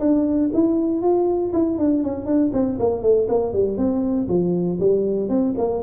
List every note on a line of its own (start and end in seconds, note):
0.00 0.50 D4
0.54 1.02 E4
1.02 1.53 F4
1.53 1.78 E4
1.78 2.04 D4
2.04 2.26 C#4
2.26 2.51 D4
2.53 2.78 C4
2.79 3.03 A#3
3.03 3.28 A3
3.29 3.53 A#3
3.53 3.78 G3
3.78 4.28 C4
4.29 4.79 F3
4.80 5.29 G3
5.29 5.54 C4
5.58 5.83 A#3